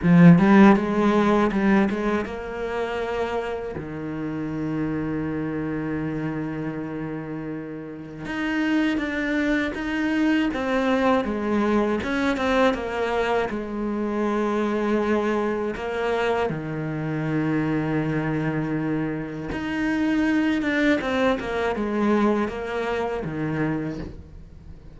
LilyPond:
\new Staff \with { instrumentName = "cello" } { \time 4/4 \tempo 4 = 80 f8 g8 gis4 g8 gis8 ais4~ | ais4 dis2.~ | dis2. dis'4 | d'4 dis'4 c'4 gis4 |
cis'8 c'8 ais4 gis2~ | gis4 ais4 dis2~ | dis2 dis'4. d'8 | c'8 ais8 gis4 ais4 dis4 | }